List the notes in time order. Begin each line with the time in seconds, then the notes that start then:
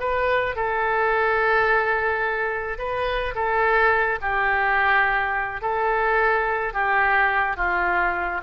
0.00 B4
0.56 A4
2.78 B4
3.35 A4
4.21 G4
5.62 A4
6.73 G4
7.57 F4